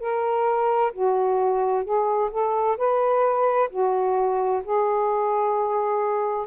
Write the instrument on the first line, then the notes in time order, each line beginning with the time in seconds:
saxophone
0.00 A#4
0.93 F#4
1.84 G#4
2.31 A4
2.77 B4
3.70 F#4
4.64 G#4